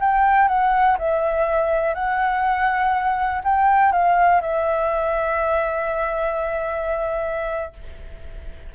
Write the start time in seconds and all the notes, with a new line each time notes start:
0.00 G5
0.48 F#5
0.99 E5
1.95 F#5
3.44 G5
3.92 F5
4.42 E5